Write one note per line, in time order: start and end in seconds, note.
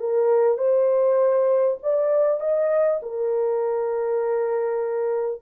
0.00 0.58 A#4
0.58 1.78 C5
1.83 2.41 D5
2.41 3.01 D#5
3.02 5.42 A#4